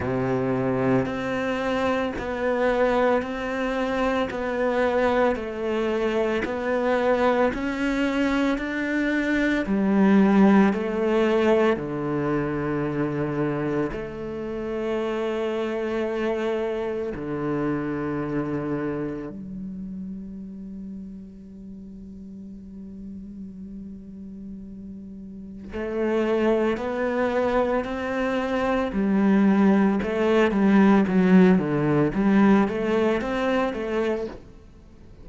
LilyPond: \new Staff \with { instrumentName = "cello" } { \time 4/4 \tempo 4 = 56 c4 c'4 b4 c'4 | b4 a4 b4 cis'4 | d'4 g4 a4 d4~ | d4 a2. |
d2 g2~ | g1 | a4 b4 c'4 g4 | a8 g8 fis8 d8 g8 a8 c'8 a8 | }